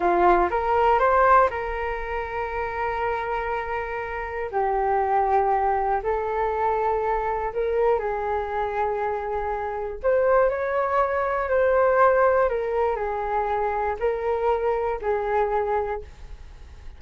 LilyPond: \new Staff \with { instrumentName = "flute" } { \time 4/4 \tempo 4 = 120 f'4 ais'4 c''4 ais'4~ | ais'1~ | ais'4 g'2. | a'2. ais'4 |
gis'1 | c''4 cis''2 c''4~ | c''4 ais'4 gis'2 | ais'2 gis'2 | }